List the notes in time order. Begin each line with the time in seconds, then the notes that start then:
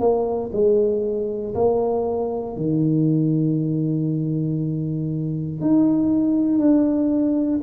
0.00 A#3
0.53 G#3
1.55 A#3
2.57 D#3
5.61 D#4
6.58 D4